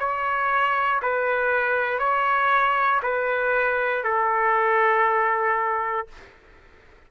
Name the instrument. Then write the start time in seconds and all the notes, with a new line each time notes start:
trumpet
0.00 C#5
1.03 B4
1.99 C#5
3.03 B4
4.04 A4